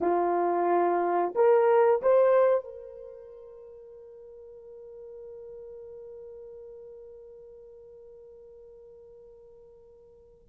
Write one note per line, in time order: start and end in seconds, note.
0.00 1.34 F4
1.35 2.02 A#4
2.02 2.64 C5
2.64 10.47 A#4